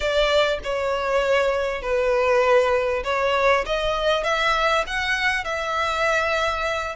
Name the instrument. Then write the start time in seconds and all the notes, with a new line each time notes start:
violin
0.00 D5
0.63 C#5
1.82 B4
3.04 C#5
3.65 D#5
4.23 E5
4.86 F#5
5.44 E5